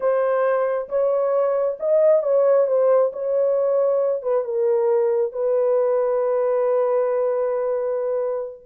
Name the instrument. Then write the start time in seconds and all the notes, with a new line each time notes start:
horn
0.00 C5
0.88 C#5
1.79 D#5
2.22 C#5
2.67 C5
3.13 C#5
4.22 B4
4.44 A#4
5.32 B4